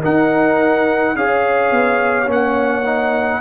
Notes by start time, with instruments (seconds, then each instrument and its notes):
0.00 trombone D#4, tuba D#4, horn A#4, trumpet F#5
1.15 tuba C#4, trombone G#4, horn C#5, trumpet F5
1.71 tuba B3
2.26 tuba A#3, trombone C#4, trumpet F#5
2.85 trombone D#4